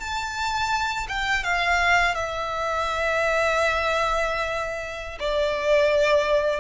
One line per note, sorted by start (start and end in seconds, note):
0.00 1.07 A5
1.08 1.44 G5
1.44 2.15 F5
2.15 5.19 E5
5.19 6.60 D5